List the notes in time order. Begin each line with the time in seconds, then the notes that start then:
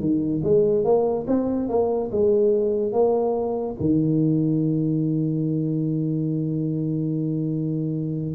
0.00 D#3
0.44 G#3
0.84 A#3
1.27 C4
1.69 A#3
2.12 G#3
2.92 A#3
3.80 D#3